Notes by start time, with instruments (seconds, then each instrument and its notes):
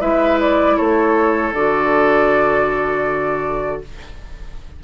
0.00 bassoon G#3, clarinet E4, oboe B4, flute E5
0.40 flute D5
0.77 bassoon A3, oboe A4, flute C#5
1.52 bassoon D3, clarinet F#4, flute D5